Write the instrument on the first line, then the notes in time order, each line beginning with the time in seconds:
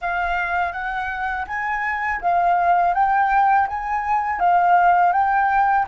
flute
0.01 F5
0.72 F#5
1.47 G#5
2.21 F5
2.94 G5
3.68 G#5
4.39 F5
5.12 G5